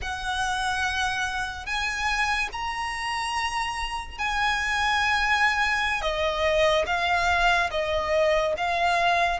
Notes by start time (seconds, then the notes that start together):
0.01 F#5
1.66 G#5
2.52 A#5
4.18 G#5
6.02 D#5
6.86 F5
7.70 D#5
8.57 F5